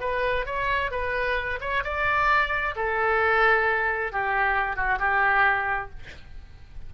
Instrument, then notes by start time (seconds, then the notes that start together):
oboe
0.00 B4
0.45 C#5
0.91 B4
1.60 C#5
1.83 D5
2.75 A4
4.12 G4
4.76 F#4
4.99 G4